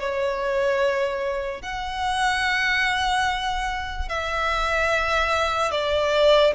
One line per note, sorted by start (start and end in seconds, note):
0.00 1.63 C#5
1.63 4.09 F#5
4.09 5.72 E5
5.72 6.54 D5